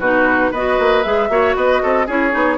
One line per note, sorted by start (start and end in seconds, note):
0.00 0.52 B2
0.00 0.55 D#4
0.00 0.52 F#4
0.00 0.52 B4
0.52 0.78 B3
0.52 1.04 F#4
0.52 1.29 B4
0.52 1.04 D#5
0.80 1.05 A#3
1.04 1.30 G#3
1.04 1.30 G#4
1.04 1.56 E5
1.30 1.55 A#3
1.30 2.08 F#4
1.30 1.57 C#5
1.56 1.82 B3
1.56 1.83 B4
1.56 2.08 D#5
1.83 2.08 C4
1.83 2.07 A4
2.07 2.34 C#4
2.07 2.31 E4
2.07 2.58 G#4
2.07 2.58 C#5
2.31 2.58 B3
2.31 2.57 D#4